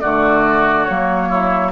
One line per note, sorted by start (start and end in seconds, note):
0.00 0.89 D3
0.00 0.87 A3
0.00 1.29 F#4
0.00 0.85 D5
0.85 1.72 F#3
0.85 1.72 A#3
0.85 1.70 C#5
1.29 1.72 E4